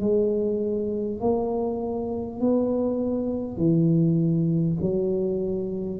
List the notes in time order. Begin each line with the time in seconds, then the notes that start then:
0.00 G#3
1.21 A#3
2.40 B3
3.57 E3
4.81 F#3